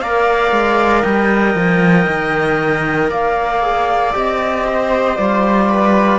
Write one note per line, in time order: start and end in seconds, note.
0.00 0.52 A#3
0.00 3.62 A#4
0.00 1.02 D5
0.00 1.03 F5
0.52 1.03 G#3
1.02 1.55 G3
1.02 3.09 D#5
1.02 3.10 G5
1.55 2.07 F3
2.07 3.11 D#3
3.10 4.14 A#3
3.10 4.65 D5
3.10 4.14 F5
3.62 4.13 G#4
4.13 5.18 C4
4.13 5.16 G4
4.13 5.17 D#5
4.66 5.70 C5
5.17 6.19 G3
5.17 6.19 F4
5.17 6.19 D5
5.70 6.19 B4